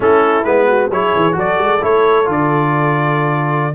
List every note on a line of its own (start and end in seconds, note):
0.00 0.44 A3
0.00 0.43 C#4
0.00 0.67 E4
0.00 0.44 A4
0.44 0.90 G#3
0.44 0.91 B3
0.44 0.89 B4
0.67 0.90 F#4
0.90 1.12 F#3
0.90 1.32 E4
0.90 1.36 G#4
0.90 1.37 C#5
1.15 1.36 E3
1.32 1.58 F#3
1.32 1.78 F#4
1.32 3.74 A4
1.38 1.84 D5
1.58 1.80 G#3
1.81 2.28 A3
1.81 2.24 E4
1.81 2.29 C#5
2.24 3.75 D3
2.24 3.72 F4
2.31 3.75 D5